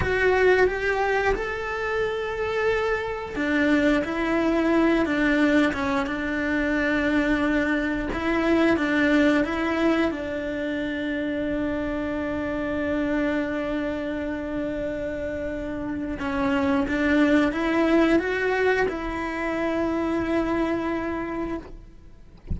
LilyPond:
\new Staff \with { instrumentName = "cello" } { \time 4/4 \tempo 4 = 89 fis'4 g'4 a'2~ | a'4 d'4 e'4. d'8~ | d'8 cis'8 d'2. | e'4 d'4 e'4 d'4~ |
d'1~ | d'1 | cis'4 d'4 e'4 fis'4 | e'1 | }